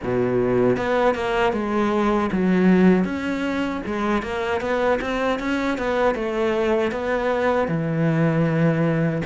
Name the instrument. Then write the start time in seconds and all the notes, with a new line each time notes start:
cello
0.03 B2
0.77 B3
1.14 A#3
1.52 G#3
2.31 F#3
3.04 C#4
3.85 G#3
4.22 A#3
4.60 B3
5.01 C4
5.39 C#4
5.78 B3
6.15 A3
6.91 B3
7.67 E3